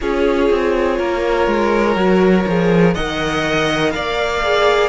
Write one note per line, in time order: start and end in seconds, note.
0.01 0.50 C#4
0.01 1.97 F4
0.01 0.98 G#4
0.01 2.94 C#5
0.50 0.99 C4
0.98 1.47 A#3
0.98 2.94 A#4
1.47 1.96 G#3
1.96 2.45 F#3
1.96 2.46 F#4
2.46 2.95 F3
2.46 2.96 G#4
2.94 3.94 D#3
2.94 4.43 A#4
2.94 3.92 D#5
2.94 3.91 F#5
3.91 4.89 A#3
3.91 4.89 D5
3.91 4.89 F5
4.43 4.89 G#4